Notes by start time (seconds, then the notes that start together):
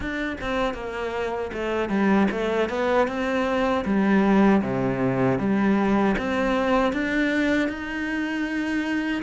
0.00 D4
0.41 C4
0.74 A#3
1.53 A3
1.89 G3
2.31 A3
2.69 B3
3.07 C4
3.84 G3
4.62 C3
5.38 G3
6.17 C4
6.92 D4
7.68 D#4